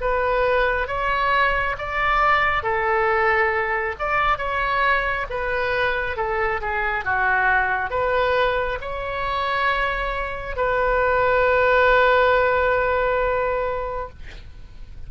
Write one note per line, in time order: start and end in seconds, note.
0.00 0.87 B4
0.87 1.75 C#5
1.78 2.63 D5
2.63 3.95 A4
3.99 4.38 D5
4.38 5.26 C#5
5.29 6.16 B4
6.16 6.60 A4
6.61 7.04 G#4
7.04 7.90 F#4
7.90 8.78 B4
8.81 10.56 C#5
10.56 14.09 B4